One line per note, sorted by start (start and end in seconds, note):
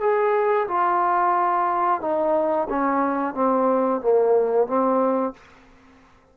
0.00 0.67 G#4
0.68 2.01 F4
2.01 2.68 D#4
2.69 3.34 C#4
3.34 4.01 C4
4.01 4.67 A#3
4.67 5.33 C4